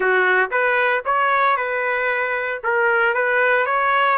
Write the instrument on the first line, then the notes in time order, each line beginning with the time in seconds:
trumpet
0.00 F#4
0.51 B4
1.05 C#5
1.57 B4
2.63 A#4
3.14 B4
3.66 C#5